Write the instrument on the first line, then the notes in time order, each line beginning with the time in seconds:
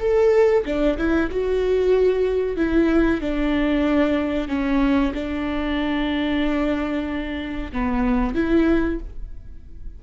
viola
0.00 A4
0.66 D4
0.98 E4
1.31 F#4
2.57 E4
3.21 D4
4.48 C#4
5.14 D4
7.72 B3
8.35 E4